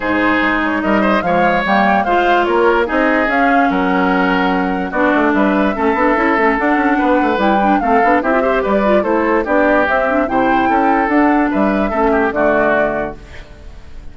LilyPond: <<
  \new Staff \with { instrumentName = "flute" } { \time 4/4 \tempo 4 = 146 c''4. cis''8 dis''4 f''4 | g''4 f''4 cis''4 dis''4 | f''4 fis''2. | d''4 e''2. |
fis''2 g''4 f''4 | e''4 d''4 c''4 d''4 | e''4 g''2 fis''4 | e''2 d''2 | }
  \new Staff \with { instrumentName = "oboe" } { \time 4/4 gis'2 ais'8 c''8 cis''4~ | cis''4 c''4 ais'4 gis'4~ | gis'4 ais'2. | fis'4 b'4 a'2~ |
a'4 b'2 a'4 | g'8 c''8 b'4 a'4 g'4~ | g'4 c''4 a'2 | b'4 a'8 g'8 fis'2 | }
  \new Staff \with { instrumentName = "clarinet" } { \time 4/4 dis'2. gis4 | ais4 f'2 dis'4 | cis'1 | d'2 cis'8 d'8 e'8 cis'8 |
d'2 e'8 d'8 c'8 d'8 | e'16 f'16 g'4 f'8 e'4 d'4 | c'8 d'8 e'2 d'4~ | d'4 cis'4 a2 | }
  \new Staff \with { instrumentName = "bassoon" } { \time 4/4 gis,4 gis4 g4 f4 | g4 gis4 ais4 c'4 | cis'4 fis2. | b8 a8 g4 a8 b8 cis'8 a8 |
d'8 cis'8 b8 a8 g4 a8 b8 | c'4 g4 a4 b4 | c'4 c4 cis'4 d'4 | g4 a4 d2 | }
>>